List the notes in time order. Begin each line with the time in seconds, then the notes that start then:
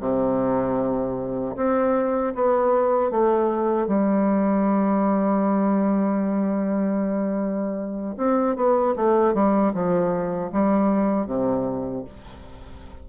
0.00 C3
1.56 C4
2.35 B3
3.11 A3
3.87 G3
8.17 C4
8.56 B3
8.96 A3
9.34 G3
9.74 F3
10.52 G3
11.27 C3